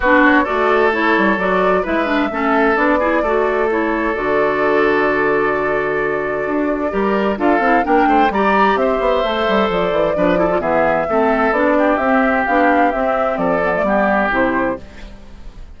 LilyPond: <<
  \new Staff \with { instrumentName = "flute" } { \time 4/4 \tempo 4 = 130 b'8 cis''8 d''4 cis''4 d''4 | e''2 d''2 | cis''4 d''2.~ | d''1 |
f''4 g''4 ais''4 e''4~ | e''4 d''2 e''4~ | e''4 d''4 e''4 f''4 | e''4 d''2 c''4 | }
  \new Staff \with { instrumentName = "oboe" } { \time 4/4 fis'4 a'2. | b'4 a'4. gis'8 a'4~ | a'1~ | a'2. ais'4 |
a'4 ais'8 c''8 d''4 c''4~ | c''2 b'8 a'8 gis'4 | a'4. g'2~ g'8~ | g'4 a'4 g'2 | }
  \new Staff \with { instrumentName = "clarinet" } { \time 4/4 d'4 fis'4 e'4 fis'4 | e'8 d'8 cis'4 d'8 e'8 fis'4 | e'4 fis'2.~ | fis'2. g'4 |
f'8 e'8 d'4 g'2 | a'2 d'8 e'16 f'16 b4 | c'4 d'4 c'4 d'4 | c'4. b16 a16 b4 e'4 | }
  \new Staff \with { instrumentName = "bassoon" } { \time 4/4 b4 a4. g8 fis4 | gis4 a4 b4 a4~ | a4 d2.~ | d2 d'4 g4 |
d'8 c'8 ais8 a8 g4 c'8 b8 | a8 g8 f8 e8 f4 e4 | a4 b4 c'4 b4 | c'4 f4 g4 c4 | }
>>